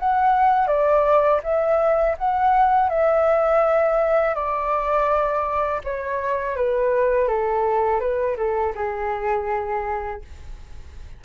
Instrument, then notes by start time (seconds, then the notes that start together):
flute
0.00 F#5
0.68 D5
1.44 E5
2.19 F#5
2.90 E5
4.35 D5
5.85 C#5
6.57 B4
7.29 A4
8.01 B4
8.37 A4
8.76 G#4